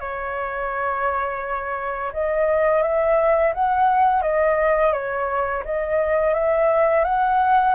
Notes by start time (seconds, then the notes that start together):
0.00 C#5
2.13 D#5
2.82 E5
3.54 F#5
4.22 D#5
4.93 C#5
5.65 D#5
6.34 E5
7.04 F#5